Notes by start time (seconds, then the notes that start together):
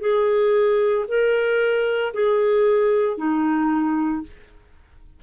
0.00 G#4
1.08 A#4
2.13 G#4
3.17 D#4